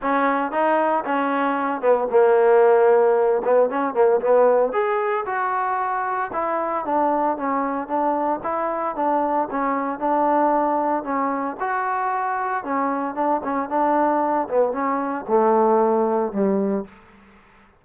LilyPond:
\new Staff \with { instrumentName = "trombone" } { \time 4/4 \tempo 4 = 114 cis'4 dis'4 cis'4. b8 | ais2~ ais8 b8 cis'8 ais8 | b4 gis'4 fis'2 | e'4 d'4 cis'4 d'4 |
e'4 d'4 cis'4 d'4~ | d'4 cis'4 fis'2 | cis'4 d'8 cis'8 d'4. b8 | cis'4 a2 g4 | }